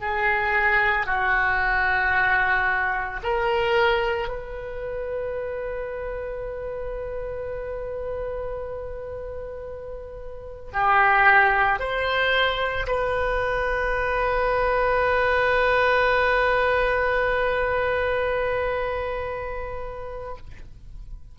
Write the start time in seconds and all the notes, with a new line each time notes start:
0.00 G#4
1.06 F#4
3.23 A#4
4.28 B4
10.73 G4
11.79 C5
12.87 B4